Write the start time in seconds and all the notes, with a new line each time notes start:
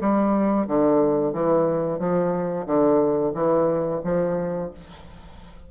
0.00 G3
0.67 D3
1.33 E3
1.98 F3
2.66 D3
3.34 E3
4.04 F3